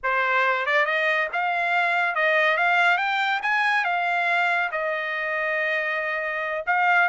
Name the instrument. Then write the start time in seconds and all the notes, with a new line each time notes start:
trumpet
0.03 C5
0.66 D5
0.85 D#5
1.33 F5
2.15 D#5
2.57 F5
2.97 G5
3.42 G#5
3.84 F5
4.71 D#5
6.66 F5